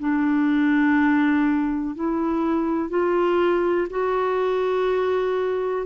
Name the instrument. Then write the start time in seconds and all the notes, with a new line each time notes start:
clarinet
0.00 D4
1.96 E4
2.90 F4
3.90 F#4